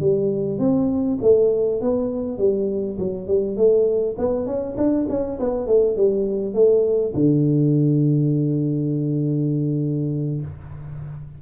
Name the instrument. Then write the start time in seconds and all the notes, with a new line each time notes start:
tuba
0.00 G3
0.59 C4
1.22 A3
1.81 B3
2.38 G3
2.99 F#3
3.27 G3
3.56 A3
4.18 B3
4.46 C#4
4.77 D4
5.09 C#4
5.39 B3
5.67 A3
5.96 G3
6.54 A3
7.14 D3